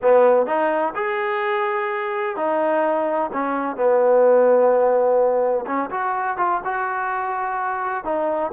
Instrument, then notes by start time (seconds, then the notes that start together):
trombone
0.02 B3
0.46 D#4
0.95 G#4
2.36 D#4
3.32 C#4
3.76 B3
5.66 C#4
5.90 F#4
6.37 F4
6.64 F#4
8.04 D#4